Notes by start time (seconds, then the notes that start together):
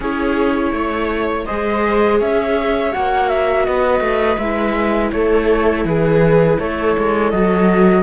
0.00 C#4 E4 G#4 C#5
0.71 A3 C#5
1.45 G#3 G#4 C5 D#5
2.18 C#4 C#5 E5
2.91 A#3 F#4 F#5
3.28 E5
3.65 B3 B4 D#5
4.00 A3
4.37 G#3 E4 E5
5.11 A3 A4 C#5
5.84 E3 G#4 B4
6.59 A3 A4 C#5
6.97 G#3
7.30 F#3 F#4 D#5